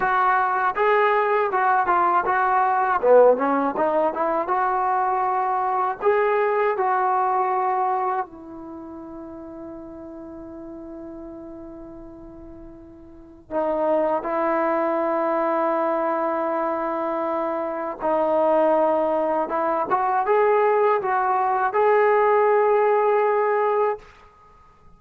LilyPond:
\new Staff \with { instrumentName = "trombone" } { \time 4/4 \tempo 4 = 80 fis'4 gis'4 fis'8 f'8 fis'4 | b8 cis'8 dis'8 e'8 fis'2 | gis'4 fis'2 e'4~ | e'1~ |
e'2 dis'4 e'4~ | e'1 | dis'2 e'8 fis'8 gis'4 | fis'4 gis'2. | }